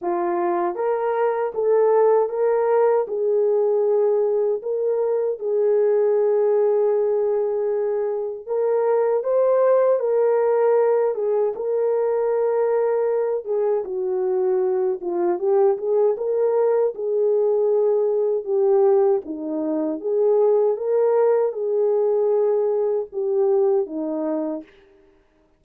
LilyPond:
\new Staff \with { instrumentName = "horn" } { \time 4/4 \tempo 4 = 78 f'4 ais'4 a'4 ais'4 | gis'2 ais'4 gis'4~ | gis'2. ais'4 | c''4 ais'4. gis'8 ais'4~ |
ais'4. gis'8 fis'4. f'8 | g'8 gis'8 ais'4 gis'2 | g'4 dis'4 gis'4 ais'4 | gis'2 g'4 dis'4 | }